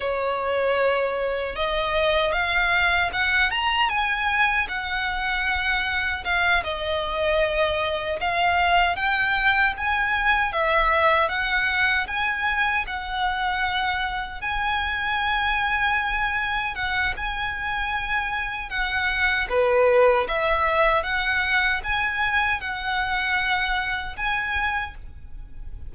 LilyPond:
\new Staff \with { instrumentName = "violin" } { \time 4/4 \tempo 4 = 77 cis''2 dis''4 f''4 | fis''8 ais''8 gis''4 fis''2 | f''8 dis''2 f''4 g''8~ | g''8 gis''4 e''4 fis''4 gis''8~ |
gis''8 fis''2 gis''4.~ | gis''4. fis''8 gis''2 | fis''4 b'4 e''4 fis''4 | gis''4 fis''2 gis''4 | }